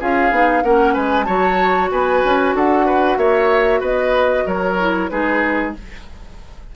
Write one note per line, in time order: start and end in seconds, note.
0.00 0.31 C#4
0.00 0.31 F4
0.00 0.64 G#4
0.00 0.63 F5
0.31 0.63 B3
0.31 0.63 D#4
0.63 0.96 A#3
0.63 1.26 C#4
0.63 0.94 A#4
0.63 0.95 F#5
0.94 1.28 G#3
0.94 1.26 B4
0.94 1.25 G#5
1.25 1.91 F#3
1.25 4.77 F#4
1.25 1.90 C#5
1.25 1.88 A5
1.91 2.23 B3
1.91 2.56 B4
1.91 2.56 G#5
2.24 2.54 C#4
2.54 3.17 D4
2.54 2.86 A4
2.54 3.18 F#5
2.86 3.18 B4
3.17 3.81 A#3
3.17 3.80 C#5
3.17 3.82 E5
3.80 4.45 B3
3.80 4.44 B4
3.80 4.48 D#5
4.46 5.10 F#3
4.46 5.10 A#4
4.46 5.10 C#5
4.80 5.10 E4
5.10 5.76 G#3
5.10 5.74 D#4
5.10 5.75 G#4
5.10 5.73 B4